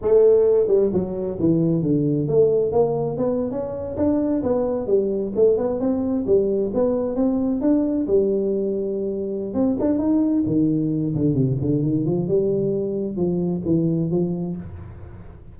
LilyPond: \new Staff \with { instrumentName = "tuba" } { \time 4/4 \tempo 4 = 132 a4. g8 fis4 e4 | d4 a4 ais4 b8. cis'16~ | cis'8. d'4 b4 g4 a16~ | a16 b8 c'4 g4 b4 c'16~ |
c'8. d'4 g2~ g16~ | g4 c'8 d'8 dis'4 dis4~ | dis8 d8 c8 d8 dis8 f8 g4~ | g4 f4 e4 f4 | }